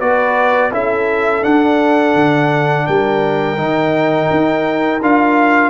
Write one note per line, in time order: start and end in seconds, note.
0.00 0.72 B3
0.00 0.72 F#4
0.00 0.71 B4
0.00 0.72 D5
0.72 1.44 C#4
0.72 1.43 E4
0.72 2.87 A4
0.72 1.44 E5
1.43 3.57 D4
1.43 2.15 D4
1.43 2.87 F#5
2.15 2.86 D3
2.87 3.58 G3
2.87 5.70 A#4
2.87 5.01 G5
3.58 4.30 D#3
3.58 5.01 D#4
4.31 5.02 D#4
5.02 5.70 D4
5.02 5.70 F4
5.02 5.70 F5